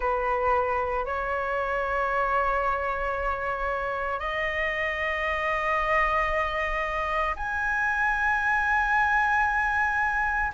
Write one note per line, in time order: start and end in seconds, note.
0.00 1.05 B4
1.05 4.19 C#5
4.19 7.35 D#5
7.36 10.52 G#5